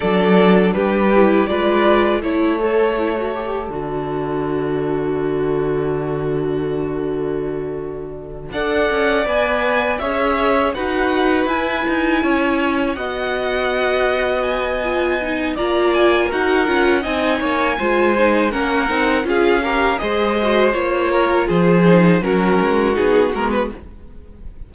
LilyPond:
<<
  \new Staff \with { instrumentName = "violin" } { \time 4/4 \tempo 4 = 81 d''4 b'4 d''4 cis''4~ | cis''4 d''2.~ | d''2.~ d''8 fis''8~ | fis''8 gis''4 e''4 fis''4 gis''8~ |
gis''4. fis''2 gis''8~ | gis''4 ais''8 gis''8 fis''4 gis''4~ | gis''4 fis''4 f''4 dis''4 | cis''4 c''4 ais'4 gis'8 ais'16 b'16 | }
  \new Staff \with { instrumentName = "violin" } { \time 4/4 a'4 g'4 b'4 a'4~ | a'1~ | a'2.~ a'8 d''8~ | d''4. cis''4 b'4.~ |
b'8 cis''4 dis''2~ dis''8~ | dis''4 d''4 ais'4 dis''8 cis''8 | c''4 ais'4 gis'8 ais'8 c''4~ | c''8 ais'8 gis'4 fis'2 | }
  \new Staff \with { instrumentName = "viola" } { \time 4/4 d'4. e'8 f'4 e'8 a'8 | e'16 fis'16 g'8 fis'2.~ | fis'2.~ fis'8 a'8~ | a'8 b'4 gis'4 fis'4 e'8~ |
e'4. fis'2~ fis'8 | f'8 dis'8 f'4 fis'8 f'8 dis'4 | f'8 dis'8 cis'8 dis'8 f'8 g'8 gis'8 fis'8 | f'4. dis'8 cis'4 dis'8 b8 | }
  \new Staff \with { instrumentName = "cello" } { \time 4/4 fis4 g4 gis4 a4~ | a4 d2.~ | d2.~ d8 d'8 | cis'8 b4 cis'4 dis'4 e'8 |
dis'8 cis'4 b2~ b8~ | b4 ais4 dis'8 cis'8 c'8 ais8 | gis4 ais8 c'8 cis'4 gis4 | ais4 f4 fis8 gis8 b8 gis8 | }
>>